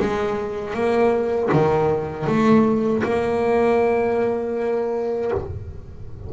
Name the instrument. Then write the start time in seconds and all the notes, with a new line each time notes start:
double bass
0.00 G#3
0.74 A#3
1.53 D#3
2.27 A3
3.03 A#3